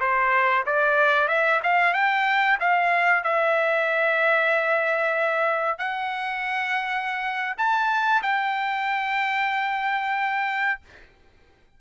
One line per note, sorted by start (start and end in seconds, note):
0.00 0.65 C5
0.66 1.28 D5
1.28 1.60 E5
1.63 1.94 F5
1.94 2.58 G5
2.60 3.23 F5
3.23 5.78 E5
5.78 7.56 F#5
7.57 8.22 A5
8.23 10.81 G5